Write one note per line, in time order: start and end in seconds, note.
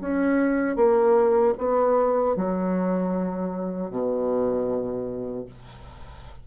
0.00 0.75 C#4
0.75 1.53 A#3
1.58 2.36 B3
2.36 3.90 F#3
3.90 5.45 B2